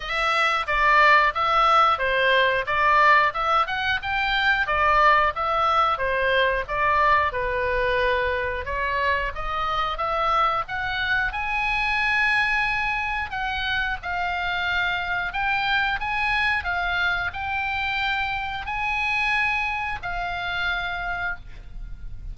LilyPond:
\new Staff \with { instrumentName = "oboe" } { \time 4/4 \tempo 4 = 90 e''4 d''4 e''4 c''4 | d''4 e''8 fis''8 g''4 d''4 | e''4 c''4 d''4 b'4~ | b'4 cis''4 dis''4 e''4 |
fis''4 gis''2. | fis''4 f''2 g''4 | gis''4 f''4 g''2 | gis''2 f''2 | }